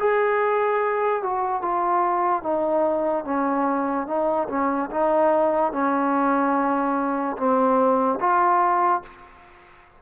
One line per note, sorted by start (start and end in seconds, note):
0.00 1.23 G#4
1.23 1.62 F#4
1.62 2.43 F4
2.43 3.25 D#4
3.25 4.07 C#4
4.07 4.48 D#4
4.49 4.90 C#4
4.91 5.73 D#4
5.73 7.37 C#4
7.37 8.20 C4
8.20 9.03 F4